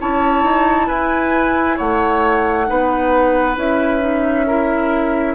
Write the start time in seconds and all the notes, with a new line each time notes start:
0.00 C#4 E4 C#5 A5
0.43 D#4
0.87 E4 B4 G#5
1.77 A3 C#5 F#5
2.66 B3 D#4 B4
3.56 C#4 E4 E5
4.00 D#4
4.46 E4 A#4